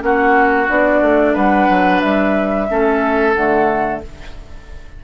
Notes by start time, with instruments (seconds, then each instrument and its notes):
0.00 bassoon A#3, clarinet C#4, oboe F#4, flute F#5
0.68 bassoon B3, clarinet D4, flute D5
1.02 bassoon A3
1.33 bassoon G3, oboe B4, flute F#5
1.69 bassoon F#3
2.01 bassoon G3, flute E5
2.68 bassoon A3, clarinet C#4, oboe A4
3.34 bassoon D3, clarinet A3, flute F#5